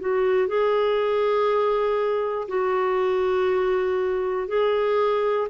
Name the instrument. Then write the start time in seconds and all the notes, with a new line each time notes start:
clarinet
0.00 F#4
0.48 G#4
2.49 F#4
4.48 G#4